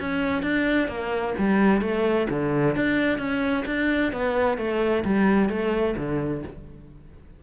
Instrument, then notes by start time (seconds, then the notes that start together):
cello
0.00 C#4
0.42 D4
0.88 A#3
1.38 G3
1.81 A3
2.29 D3
2.75 D4
3.18 C#4
3.66 D4
4.12 B3
4.58 A3
5.05 G3
5.49 A3
5.97 D3